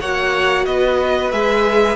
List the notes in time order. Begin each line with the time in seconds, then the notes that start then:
0.00 A#3 F#4 C#5 F#5
0.66 B3 B4 D#5
1.31 G#3 G#4 E5